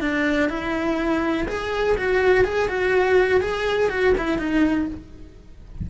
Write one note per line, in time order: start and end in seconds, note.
0.00 0.49 D4
0.49 1.47 E4
1.48 1.96 G#4
1.97 2.44 F#4
2.44 2.68 G#4
2.68 3.40 F#4
3.40 3.89 G#4
3.89 4.14 F#4
4.17 4.38 E4
4.38 4.87 D#4